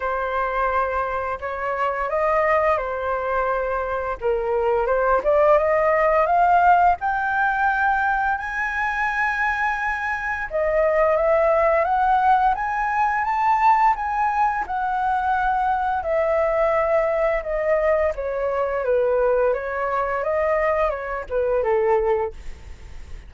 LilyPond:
\new Staff \with { instrumentName = "flute" } { \time 4/4 \tempo 4 = 86 c''2 cis''4 dis''4 | c''2 ais'4 c''8 d''8 | dis''4 f''4 g''2 | gis''2. dis''4 |
e''4 fis''4 gis''4 a''4 | gis''4 fis''2 e''4~ | e''4 dis''4 cis''4 b'4 | cis''4 dis''4 cis''8 b'8 a'4 | }